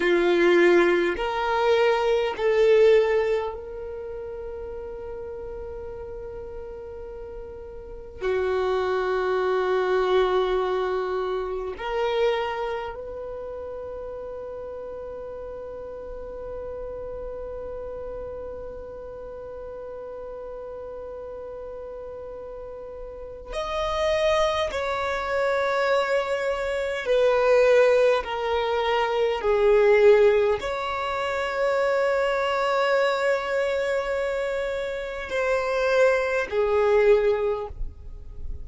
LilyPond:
\new Staff \with { instrumentName = "violin" } { \time 4/4 \tempo 4 = 51 f'4 ais'4 a'4 ais'4~ | ais'2. fis'4~ | fis'2 ais'4 b'4~ | b'1~ |
b'1 | dis''4 cis''2 b'4 | ais'4 gis'4 cis''2~ | cis''2 c''4 gis'4 | }